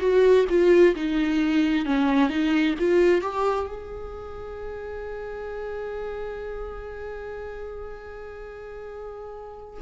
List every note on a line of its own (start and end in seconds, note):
0.00 0.45 F#4
0.49 0.95 F4
0.95 1.86 D#4
1.86 2.29 C#4
2.29 2.75 D#4
2.79 3.21 F4
3.21 3.67 G4
3.67 9.81 G#4